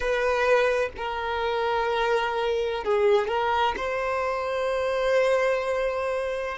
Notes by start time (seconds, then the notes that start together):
0.00 B4
0.96 A#4
2.84 G#4
3.27 A#4
3.76 C5